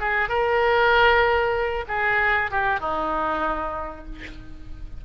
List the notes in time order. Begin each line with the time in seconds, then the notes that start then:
0.00 G#4
0.28 A#4
1.88 G#4
2.51 G4
2.80 D#4